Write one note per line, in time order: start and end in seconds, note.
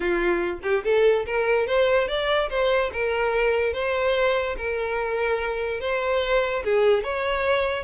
0.00 0.59 F4
0.63 0.83 G4
0.84 1.25 A4
1.25 1.66 A#4
1.66 2.07 C5
2.07 2.49 D5
2.49 2.91 C5
2.92 3.73 A#4
3.73 4.56 C5
4.57 5.80 A#4
5.80 6.63 C5
6.64 7.03 G#4
7.03 7.83 C#5